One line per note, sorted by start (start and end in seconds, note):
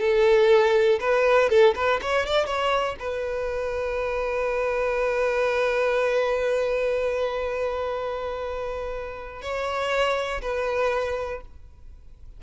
0.00 0.99 A4
1.00 1.49 B4
1.50 1.74 A4
1.75 2.00 B4
2.02 2.26 C#5
2.26 2.46 D5
2.46 2.95 C#5
2.99 9.42 B4
9.42 10.41 C#5
10.42 11.41 B4